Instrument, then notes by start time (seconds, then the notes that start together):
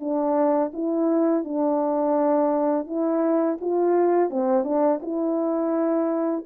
horn
0.00 D4
0.73 E4
1.44 D4
2.86 E4
3.61 F4
4.30 C4
4.64 D4
5.02 E4